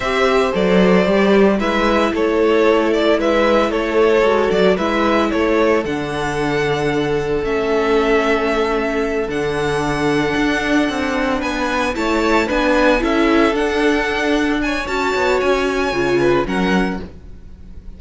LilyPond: <<
  \new Staff \with { instrumentName = "violin" } { \time 4/4 \tempo 4 = 113 e''4 d''2 e''4 | cis''4. d''8 e''4 cis''4~ | cis''8 d''8 e''4 cis''4 fis''4~ | fis''2 e''2~ |
e''4. fis''2~ fis''8~ | fis''4. gis''4 a''4 gis''8~ | gis''8 e''4 fis''2 gis''8 | a''4 gis''2 fis''4 | }
  \new Staff \with { instrumentName = "violin" } { \time 4/4 c''2. b'4 | a'2 b'4 a'4~ | a'4 b'4 a'2~ | a'1~ |
a'1~ | a'4. b'4 cis''4 b'8~ | b'8 a'2. cis''8~ | cis''2~ cis''8 b'8 ais'4 | }
  \new Staff \with { instrumentName = "viola" } { \time 4/4 g'4 a'4 g'4 e'4~ | e'1 | fis'4 e'2 d'4~ | d'2 cis'2~ |
cis'4. d'2~ d'8~ | d'2~ d'8 e'4 d'8~ | d'8 e'4 d'2~ d'8 | fis'2 f'4 cis'4 | }
  \new Staff \with { instrumentName = "cello" } { \time 4/4 c'4 fis4 g4 gis4 | a2 gis4 a4 | gis8 fis8 gis4 a4 d4~ | d2 a2~ |
a4. d2 d'8~ | d'8 c'4 b4 a4 b8~ | b8 cis'4 d'2~ d'8 | cis'8 b8 cis'4 cis4 fis4 | }
>>